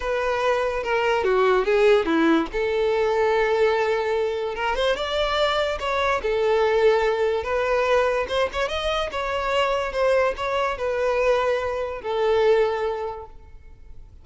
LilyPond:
\new Staff \with { instrumentName = "violin" } { \time 4/4 \tempo 4 = 145 b'2 ais'4 fis'4 | gis'4 e'4 a'2~ | a'2. ais'8 c''8 | d''2 cis''4 a'4~ |
a'2 b'2 | c''8 cis''8 dis''4 cis''2 | c''4 cis''4 b'2~ | b'4 a'2. | }